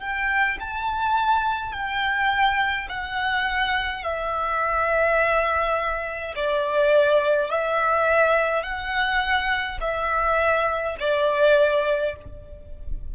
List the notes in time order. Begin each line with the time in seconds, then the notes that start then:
0.00 G5
0.60 A5
1.73 G5
2.89 F#5
4.03 E5
6.36 D5
7.51 E5
8.63 F#5
9.81 E5
11.00 D5